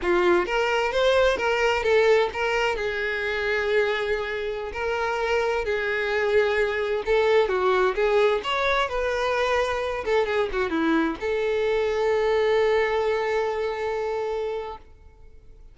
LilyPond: \new Staff \with { instrumentName = "violin" } { \time 4/4 \tempo 4 = 130 f'4 ais'4 c''4 ais'4 | a'4 ais'4 gis'2~ | gis'2~ gis'16 ais'4.~ ais'16~ | ais'16 gis'2. a'8.~ |
a'16 fis'4 gis'4 cis''4 b'8.~ | b'4.~ b'16 a'8 gis'8 fis'8 e'8.~ | e'16 a'2.~ a'8.~ | a'1 | }